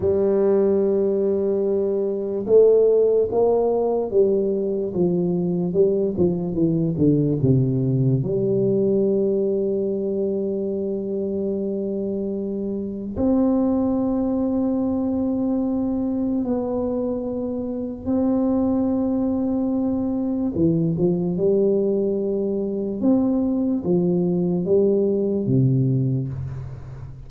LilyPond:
\new Staff \with { instrumentName = "tuba" } { \time 4/4 \tempo 4 = 73 g2. a4 | ais4 g4 f4 g8 f8 | e8 d8 c4 g2~ | g1 |
c'1 | b2 c'2~ | c'4 e8 f8 g2 | c'4 f4 g4 c4 | }